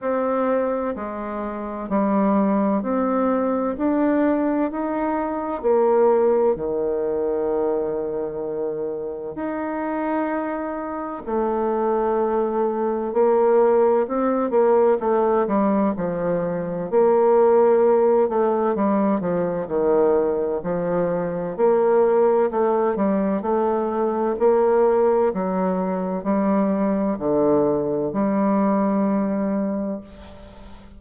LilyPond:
\new Staff \with { instrumentName = "bassoon" } { \time 4/4 \tempo 4 = 64 c'4 gis4 g4 c'4 | d'4 dis'4 ais4 dis4~ | dis2 dis'2 | a2 ais4 c'8 ais8 |
a8 g8 f4 ais4. a8 | g8 f8 dis4 f4 ais4 | a8 g8 a4 ais4 fis4 | g4 d4 g2 | }